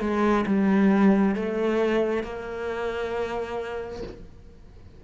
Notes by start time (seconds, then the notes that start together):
0.00 G#3
0.46 G3
1.36 A3
2.23 A#3